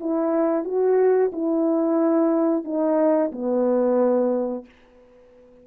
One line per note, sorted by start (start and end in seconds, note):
0.00 0.65 E4
0.65 1.31 F#4
1.32 2.64 E4
2.64 3.31 D#4
3.32 4.65 B3